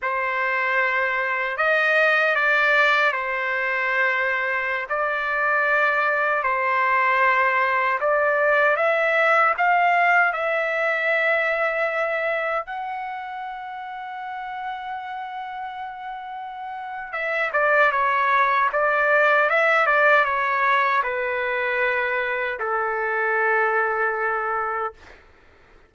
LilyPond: \new Staff \with { instrumentName = "trumpet" } { \time 4/4 \tempo 4 = 77 c''2 dis''4 d''4 | c''2~ c''16 d''4.~ d''16~ | d''16 c''2 d''4 e''8.~ | e''16 f''4 e''2~ e''8.~ |
e''16 fis''2.~ fis''8.~ | fis''2 e''8 d''8 cis''4 | d''4 e''8 d''8 cis''4 b'4~ | b'4 a'2. | }